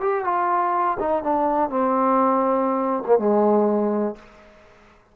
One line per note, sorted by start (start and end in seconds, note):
0.00 0.24 G4
0.24 0.97 F4
0.99 1.23 D#4
1.23 1.69 D4
1.69 3.03 C4
3.06 3.18 A#3
3.18 4.16 G#3